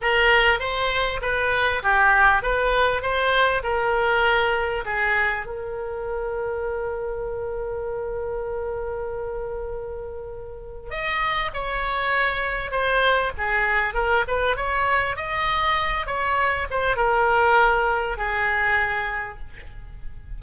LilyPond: \new Staff \with { instrumentName = "oboe" } { \time 4/4 \tempo 4 = 99 ais'4 c''4 b'4 g'4 | b'4 c''4 ais'2 | gis'4 ais'2.~ | ais'1~ |
ais'2 dis''4 cis''4~ | cis''4 c''4 gis'4 ais'8 b'8 | cis''4 dis''4. cis''4 c''8 | ais'2 gis'2 | }